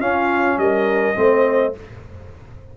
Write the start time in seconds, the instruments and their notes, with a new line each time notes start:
0.00 trombone C#4, tuba C#4, horn F4, trumpet F5
0.57 tuba G3, horn A#4, trumpet D#5
1.15 tuba A3, trombone C4, horn C5